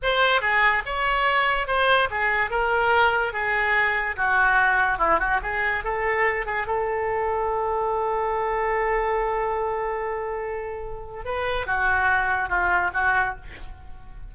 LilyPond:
\new Staff \with { instrumentName = "oboe" } { \time 4/4 \tempo 4 = 144 c''4 gis'4 cis''2 | c''4 gis'4 ais'2 | gis'2 fis'2 | e'8 fis'8 gis'4 a'4. gis'8 |
a'1~ | a'1~ | a'2. b'4 | fis'2 f'4 fis'4 | }